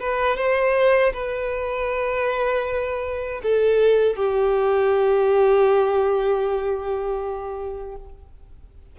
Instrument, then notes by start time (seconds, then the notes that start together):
violin
0.00 B4
0.37 C5
1.14 B4
3.43 A4
4.16 G4